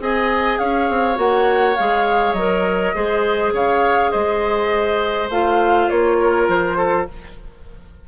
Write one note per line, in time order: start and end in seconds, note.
0.00 0.59 C4
0.00 1.15 G#4
0.00 0.60 D#5
0.00 0.58 G#5
0.58 0.90 C#4
0.58 2.95 C#5
0.58 1.17 F5
0.90 1.18 C4
1.15 1.77 A#3
1.15 1.74 F#4
1.15 1.76 F#5
1.76 2.34 G#3
1.76 2.38 G#4
1.76 2.33 F5
2.33 2.92 F#3
2.33 2.95 A#4
2.33 3.51 D#5
2.95 3.53 G#3
2.95 5.30 G#4
2.95 3.54 C5
3.53 4.12 C#3
3.53 4.12 C#5
3.53 4.12 F5
4.12 5.30 G#3
4.12 6.17 C5
4.12 5.29 D#5
5.30 5.89 A3
5.30 7.08 F4
5.30 5.89 F5
5.89 6.48 A#3
5.89 6.48 C#5
6.20 6.77 A#4
6.48 7.07 F3
6.48 7.08 C5
6.77 7.07 A4